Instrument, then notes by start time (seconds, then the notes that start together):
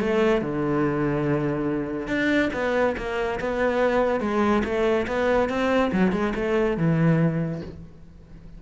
cello
0.00 A3
0.42 D3
2.08 D4
2.54 B3
2.98 A#3
3.40 B3
4.21 G#3
4.65 A3
5.08 B3
5.49 C4
5.93 F#3
6.12 G#3
6.36 A3
6.78 E3